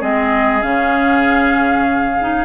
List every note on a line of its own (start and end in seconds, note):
0.00 0.62 G#3
0.00 0.61 C4
0.00 2.44 G#4
0.00 0.62 D#5
0.61 2.44 C#3
0.61 2.16 C#4
0.61 2.44 F5
2.21 2.44 D#4